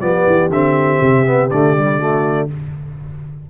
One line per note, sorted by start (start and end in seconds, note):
0.00 0.25 F3
0.00 0.50 B3
0.00 1.99 G4
0.00 0.49 D5
0.26 0.49 E3
0.49 0.98 D3
0.49 1.25 C4
0.49 1.50 E5
1.01 1.50 C3
1.25 1.50 B3
1.50 2.49 D3
1.50 1.76 A3
1.50 2.48 D5
1.76 1.99 G3
1.99 2.48 A3
1.99 2.48 F#4